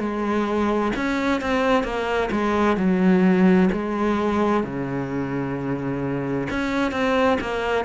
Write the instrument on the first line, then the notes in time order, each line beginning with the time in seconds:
cello
0.00 G#3
0.96 C#4
1.42 C4
1.84 A#3
2.31 G#3
2.77 F#3
3.73 G#3
4.64 C#3
6.50 C#4
6.92 C4
7.41 A#3